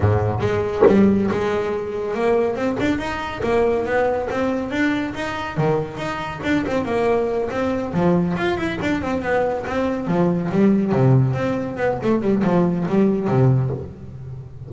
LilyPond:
\new Staff \with { instrumentName = "double bass" } { \time 4/4 \tempo 4 = 140 gis,4 gis4 g4 gis4~ | gis4 ais4 c'8 d'8 dis'4 | ais4 b4 c'4 d'4 | dis'4 dis4 dis'4 d'8 c'8 |
ais4. c'4 f4 f'8 | e'8 d'8 c'8 b4 c'4 f8~ | f8 g4 c4 c'4 b8 | a8 g8 f4 g4 c4 | }